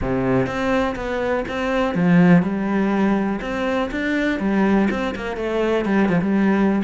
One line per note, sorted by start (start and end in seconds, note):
0.01 0.46 C3
0.46 0.95 C4
0.95 1.44 B3
1.48 1.94 C4
1.94 2.42 F3
2.42 3.40 G3
3.41 3.89 C4
3.91 4.39 D4
4.39 4.88 G3
4.90 5.15 C4
5.15 5.36 A#3
5.36 5.85 A3
5.85 6.08 G3
6.08 6.21 F3
6.21 6.82 G3